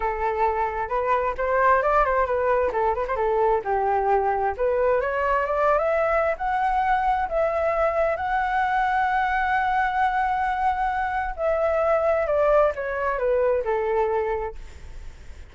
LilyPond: \new Staff \with { instrumentName = "flute" } { \time 4/4 \tempo 4 = 132 a'2 b'4 c''4 | d''8 c''8 b'4 a'8 b'16 c''16 a'4 | g'2 b'4 cis''4 | d''8. e''4~ e''16 fis''2 |
e''2 fis''2~ | fis''1~ | fis''4 e''2 d''4 | cis''4 b'4 a'2 | }